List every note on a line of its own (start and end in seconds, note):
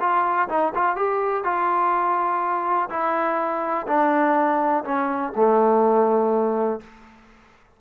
0.00 0.49 F4
0.49 0.73 D#4
0.75 0.96 F4
0.96 1.44 G4
1.44 2.89 F4
2.89 3.86 E4
3.87 4.84 D4
4.84 5.32 C#4
5.35 6.80 A3